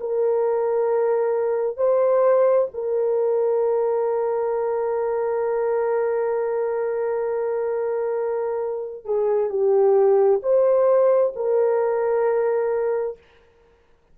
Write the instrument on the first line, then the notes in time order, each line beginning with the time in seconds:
horn
0.00 A#4
1.77 C5
2.73 A#4
9.05 G#4
9.50 G4
10.42 C5
11.36 A#4